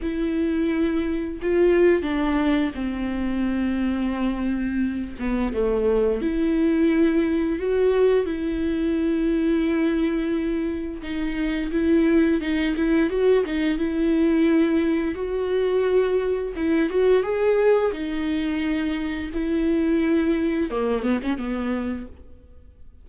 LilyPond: \new Staff \with { instrumentName = "viola" } { \time 4/4 \tempo 4 = 87 e'2 f'4 d'4 | c'2.~ c'8 b8 | a4 e'2 fis'4 | e'1 |
dis'4 e'4 dis'8 e'8 fis'8 dis'8 | e'2 fis'2 | e'8 fis'8 gis'4 dis'2 | e'2 ais8 b16 cis'16 b4 | }